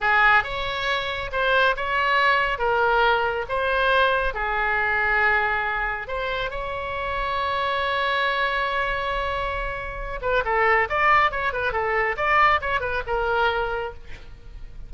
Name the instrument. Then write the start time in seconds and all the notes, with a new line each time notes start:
oboe
0.00 G#4
0.43 C#5
1.32 C5
1.76 C#5
2.58 A#4
3.48 C5
4.34 G#4
6.07 C5
6.50 C#5
10.21 B4
10.45 A4
10.89 D5
11.31 C#5
11.52 B4
11.72 A4
12.16 D5
12.61 C#5
12.80 B4
13.06 A#4